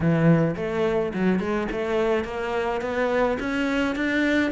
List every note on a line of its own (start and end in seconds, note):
0.00 0.55 E3
0.56 1.12 A3
1.13 1.39 F#3
1.39 1.67 G#3
1.71 2.24 A3
2.24 2.81 A#3
2.81 3.38 B3
3.39 3.95 C#4
3.95 4.51 D4